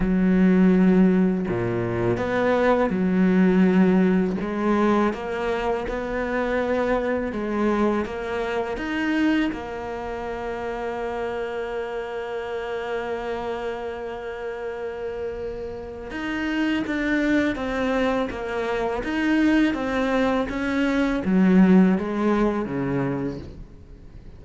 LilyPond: \new Staff \with { instrumentName = "cello" } { \time 4/4 \tempo 4 = 82 fis2 ais,4 b4 | fis2 gis4 ais4 | b2 gis4 ais4 | dis'4 ais2.~ |
ais1~ | ais2 dis'4 d'4 | c'4 ais4 dis'4 c'4 | cis'4 fis4 gis4 cis4 | }